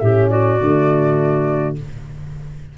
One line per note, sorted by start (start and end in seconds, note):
0.00 0.60 A2
0.00 0.61 C#4
0.00 0.30 G4
0.00 0.29 E5
0.30 1.76 F#4
0.30 1.75 D5
0.61 1.78 D3
0.61 1.78 A3